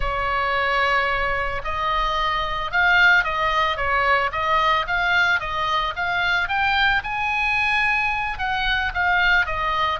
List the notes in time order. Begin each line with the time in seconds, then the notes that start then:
0.00 C#5
1.64 D#5
2.71 F5
3.24 D#5
3.76 C#5
4.31 D#5
4.87 F5
5.40 D#5
5.96 F5
6.48 G5
7.03 G#5
8.38 F#5
8.93 F5
9.46 D#5